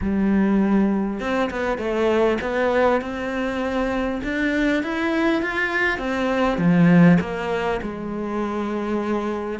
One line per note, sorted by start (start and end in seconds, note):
0.01 1.19 G3
1.19 1.49 C4
1.50 1.78 B3
1.78 2.38 A3
2.41 3.01 B3
3.01 4.21 C4
4.23 4.83 D4
4.83 5.42 E4
5.42 5.98 F4
5.98 6.58 C4
6.58 7.18 F3
7.20 7.80 A#3
7.82 9.59 G#3